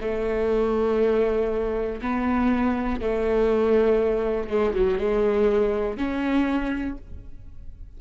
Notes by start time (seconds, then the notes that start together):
0.00 A3
2.01 B3
3.00 A3
4.49 G#3
4.74 F#3
4.99 G#3
5.97 C#4